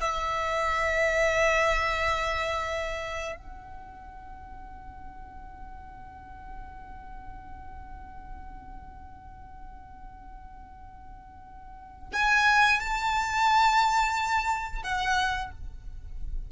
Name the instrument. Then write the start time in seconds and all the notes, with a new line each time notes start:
violin
0.00 E5
3.36 F#5
12.12 G#5
12.80 A5
14.83 F#5